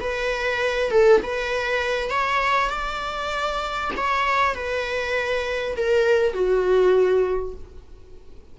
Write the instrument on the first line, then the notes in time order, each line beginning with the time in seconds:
viola
0.00 B4
0.91 A4
1.23 B4
2.10 C#5
2.70 D5
3.97 C#5
4.55 B4
5.76 A#4
6.33 F#4